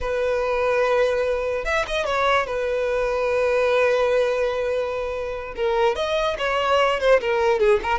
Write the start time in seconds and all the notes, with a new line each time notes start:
0.00 B4
1.64 E5
1.87 D#5
2.05 C#5
2.46 B4
5.56 A#4
5.95 D#5
6.38 C#5
7.00 C5
7.20 A#4
7.59 G#4
7.83 A#4